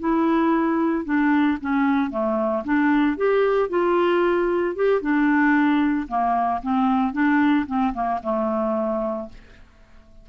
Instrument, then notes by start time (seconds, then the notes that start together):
clarinet
0.00 E4
1.05 D4
1.61 C#4
2.11 A3
2.65 D4
3.17 G4
3.70 F4
4.76 G4
5.02 D4
6.08 A#3
6.63 C4
7.13 D4
7.67 C4
7.94 A#3
8.23 A3